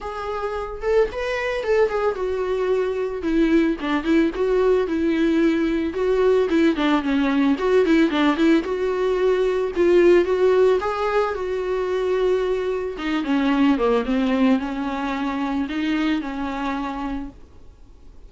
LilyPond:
\new Staff \with { instrumentName = "viola" } { \time 4/4 \tempo 4 = 111 gis'4. a'8 b'4 a'8 gis'8 | fis'2 e'4 d'8 e'8 | fis'4 e'2 fis'4 | e'8 d'8 cis'4 fis'8 e'8 d'8 e'8 |
fis'2 f'4 fis'4 | gis'4 fis'2. | dis'8 cis'4 ais8 c'4 cis'4~ | cis'4 dis'4 cis'2 | }